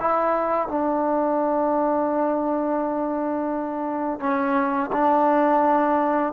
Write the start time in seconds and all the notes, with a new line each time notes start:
0.00 E4
0.68 D4
4.20 C#4
4.93 D4